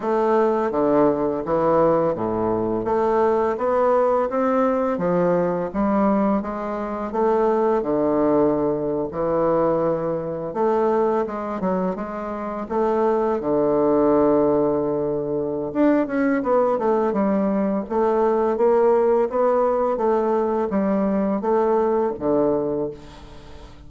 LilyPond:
\new Staff \with { instrumentName = "bassoon" } { \time 4/4 \tempo 4 = 84 a4 d4 e4 a,4 | a4 b4 c'4 f4 | g4 gis4 a4 d4~ | d8. e2 a4 gis16~ |
gis16 fis8 gis4 a4 d4~ d16~ | d2 d'8 cis'8 b8 a8 | g4 a4 ais4 b4 | a4 g4 a4 d4 | }